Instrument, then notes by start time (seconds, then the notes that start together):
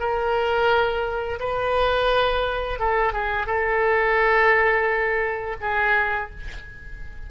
oboe
0.00 A#4
1.40 B4
2.80 A4
3.13 G#4
3.47 A4
5.61 G#4